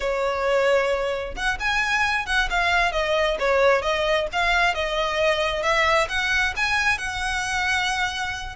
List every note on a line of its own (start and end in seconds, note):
0.00 1.35 C#5
1.35 1.58 F#5
1.59 2.26 G#5
2.26 2.48 F#5
2.50 2.92 F5
2.92 3.37 D#5
3.39 3.82 C#5
3.82 4.27 D#5
4.32 4.74 F5
4.74 5.62 D#5
5.62 6.07 E5
6.08 6.54 F#5
6.56 6.98 G#5
6.98 8.55 F#5